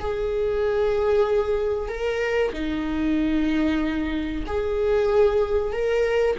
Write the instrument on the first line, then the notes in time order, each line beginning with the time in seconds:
viola
0.00 G#4
1.89 A#4
2.53 D#4
4.47 G#4
5.73 A#4